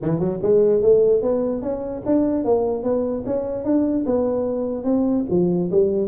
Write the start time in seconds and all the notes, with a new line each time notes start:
0.02 E3
0.19 F#3
0.42 G#3
0.82 A3
1.21 B3
1.62 C#4
2.05 D4
2.44 A#3
2.83 B3
3.25 C#4
3.64 D4
4.05 B3
4.84 C4
5.29 F3
5.71 G3